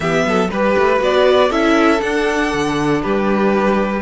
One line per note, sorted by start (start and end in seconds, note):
0.00 0.24 E3
0.00 0.49 B3
0.00 0.26 G4
0.00 0.49 E5
0.25 0.50 F#3
0.25 0.49 A4
0.49 0.75 G3
0.49 0.98 G4
0.49 1.49 B4
0.49 1.01 B4
0.77 1.01 A3
0.98 1.50 B3
0.98 1.48 F#4
0.98 1.51 D5
1.49 2.00 C#4
1.49 1.98 E4
1.49 3.00 A4
1.49 2.00 E5
1.98 4.00 D4
1.98 2.52 D4
1.98 3.01 F#5
2.53 3.03 D3
3.02 4.02 G3
3.02 4.02 G4
3.02 4.02 B4